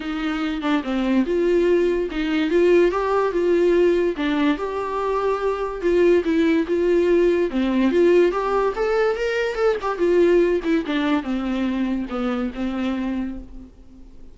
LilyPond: \new Staff \with { instrumentName = "viola" } { \time 4/4 \tempo 4 = 144 dis'4. d'8 c'4 f'4~ | f'4 dis'4 f'4 g'4 | f'2 d'4 g'4~ | g'2 f'4 e'4 |
f'2 c'4 f'4 | g'4 a'4 ais'4 a'8 g'8 | f'4. e'8 d'4 c'4~ | c'4 b4 c'2 | }